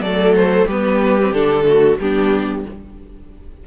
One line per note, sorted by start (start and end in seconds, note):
0.00 0.65 F#3
0.00 0.70 A3
0.00 0.67 A4
0.00 0.35 D5
0.35 0.68 C5
0.66 1.31 G3
0.66 1.20 B3
0.66 1.65 G4
0.66 1.34 B4
1.21 1.34 C4
1.32 1.97 D3
1.32 1.64 D4
1.32 1.99 A4
1.64 1.97 A3
1.64 2.00 F#4
1.99 2.65 G3
1.99 2.66 B3
1.99 2.67 D4
1.99 2.65 G4